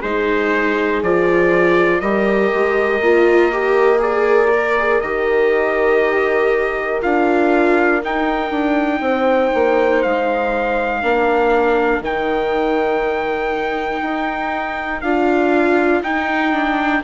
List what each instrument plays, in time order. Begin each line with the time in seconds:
0.00 bassoon G#3, viola D#4, horn G#4, trumpet C5
1.02 bassoon F3, viola F4, trumpet D5
2.00 bassoon G3, viola G4, horn A#4, trumpet D#5
2.54 bassoon G#3
3.01 bassoon A#3, viola F4
3.52 viola G4
3.99 viola G#4, trumpet D5
4.54 viola A#4
4.79 viola G#4
5.01 bassoon D#3, viola G4, trumpet D#5
7.01 bassoon D4, viola F4, trumpet F5
8.02 viola D#4, bassoon D#4, trumpet G5
8.51 bassoon D4
9.01 bassoon C4, horn C5
9.54 bassoon A#3
10.02 bassoon G#3, trumpet F5
11.02 bassoon A#3, viola D4, horn A#4
12.01 bassoon D#3, viola D#4, trumpet G5
14.02 bassoon D#4
15.01 bassoon D4, viola F4, trumpet F5
16.03 bassoon D#4, viola D#4, trumpet G5
16.52 viola D4